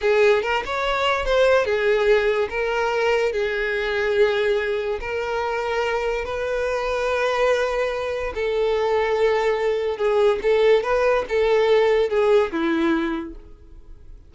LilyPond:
\new Staff \with { instrumentName = "violin" } { \time 4/4 \tempo 4 = 144 gis'4 ais'8 cis''4. c''4 | gis'2 ais'2 | gis'1 | ais'2. b'4~ |
b'1 | a'1 | gis'4 a'4 b'4 a'4~ | a'4 gis'4 e'2 | }